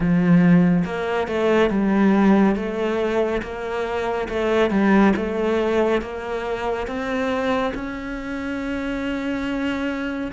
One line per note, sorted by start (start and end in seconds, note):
0.00 0.84 F3
0.85 1.27 A#3
1.27 1.69 A3
1.69 2.55 G3
2.55 3.41 A3
3.42 4.28 A#3
4.29 4.70 A3
4.70 5.13 G3
5.16 6.01 A3
6.01 6.87 A#3
6.87 7.73 C4
7.74 10.31 C#4